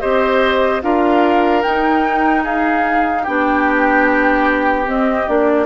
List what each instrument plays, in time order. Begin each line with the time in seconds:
0.00 bassoon C4, clarinet G4, oboe C5, flute D#5
0.81 bassoon D4, clarinet F4, oboe A#4, flute F5
1.62 clarinet D#4, bassoon D#4, flute G5
2.43 oboe G#4, flute F5
3.22 bassoon B3, clarinet D4, oboe G4, flute G5
4.85 clarinet C4, bassoon C4, flute D#5
5.26 bassoon A#3, clarinet D4, flute D5